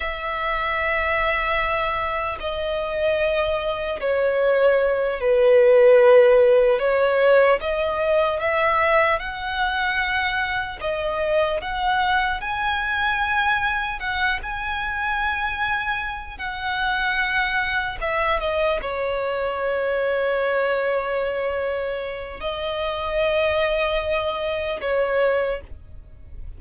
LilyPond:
\new Staff \with { instrumentName = "violin" } { \time 4/4 \tempo 4 = 75 e''2. dis''4~ | dis''4 cis''4. b'4.~ | b'8 cis''4 dis''4 e''4 fis''8~ | fis''4. dis''4 fis''4 gis''8~ |
gis''4. fis''8 gis''2~ | gis''8 fis''2 e''8 dis''8 cis''8~ | cis''1 | dis''2. cis''4 | }